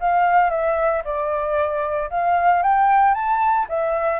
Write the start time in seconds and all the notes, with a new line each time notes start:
0.00 F5
0.50 E5
1.04 D5
2.10 F5
2.62 G5
3.14 A5
3.69 E5